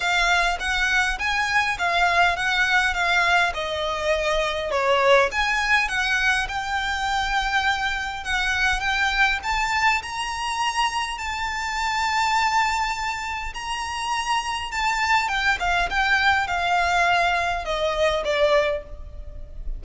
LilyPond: \new Staff \with { instrumentName = "violin" } { \time 4/4 \tempo 4 = 102 f''4 fis''4 gis''4 f''4 | fis''4 f''4 dis''2 | cis''4 gis''4 fis''4 g''4~ | g''2 fis''4 g''4 |
a''4 ais''2 a''4~ | a''2. ais''4~ | ais''4 a''4 g''8 f''8 g''4 | f''2 dis''4 d''4 | }